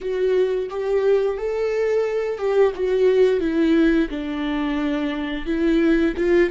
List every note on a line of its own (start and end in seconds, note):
0.01 0.69 F#4
0.69 1.37 G4
1.37 2.38 A4
2.38 2.72 G4
2.75 3.40 F#4
3.40 4.08 E4
4.09 5.45 D4
5.45 6.14 E4
6.16 6.50 F4